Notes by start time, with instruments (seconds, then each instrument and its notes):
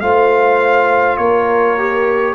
0.00 tuba A3, trombone F4, horn C5, trumpet F5
1.17 tuba A#3, horn A#4, trumpet C#5
1.78 trombone G4